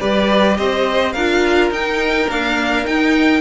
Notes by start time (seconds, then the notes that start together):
0.00 G3 G4 B4 D5
0.58 C4 C5 D#5
1.13 D4 F4 A#4 F5
1.71 D#4 G5
2.29 A#3 D4 F5
2.85 D#4 G5